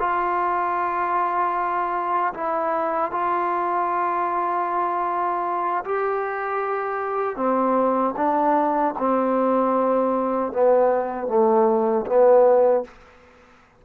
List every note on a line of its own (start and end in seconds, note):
0.00 2.34 F4
2.34 3.12 E4
3.12 5.85 F4
5.85 7.37 G4
7.37 8.15 C4
8.17 8.95 D4
8.99 10.53 C4
10.53 11.28 B3
11.28 12.06 A3
12.07 12.85 B3